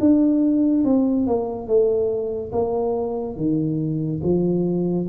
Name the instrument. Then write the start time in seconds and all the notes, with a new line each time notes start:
tuba
0.00 D4
0.85 C4
1.27 A#3
1.67 A3
2.52 A#3
3.37 D#3
4.23 F3